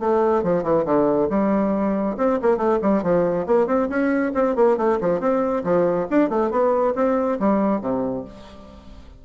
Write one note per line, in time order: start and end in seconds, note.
0.00 0.43 A3
0.43 0.63 F3
0.63 0.85 E3
0.86 1.29 D3
1.30 2.17 G3
2.18 2.40 C4
2.42 2.58 A#3
2.58 2.79 A3
2.82 3.03 G3
3.03 3.47 F3
3.47 3.67 A#3
3.67 3.89 C4
3.90 4.33 C#4
4.35 4.56 C4
4.56 4.78 A#3
4.78 4.99 A3
5.01 5.20 F3
5.20 5.64 C4
5.65 6.08 F3
6.11 6.30 D4
6.30 6.51 A3
6.51 6.94 B3
6.96 7.39 C4
7.40 7.81 G3
7.81 8.25 C3